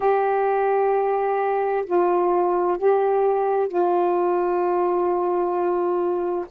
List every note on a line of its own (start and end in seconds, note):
0.00 1.85 G4
1.85 2.78 F4
2.78 3.68 G4
3.68 6.45 F4